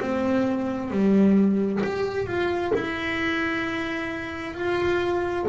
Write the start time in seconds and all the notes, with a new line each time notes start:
0.00 C4
0.90 G3
1.83 G4
2.26 F4
2.74 E4
4.54 F4